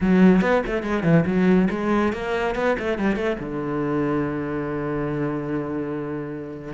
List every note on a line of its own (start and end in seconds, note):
0.01 0.41 F#3
0.41 0.62 B3
0.66 0.82 A3
0.82 1.03 G#3
1.03 1.24 E3
1.26 1.68 F#3
1.70 2.12 G#3
2.13 2.55 A#3
2.55 2.76 B3
2.78 2.98 A3
2.98 3.15 G3
3.15 3.36 A3
3.39 6.73 D3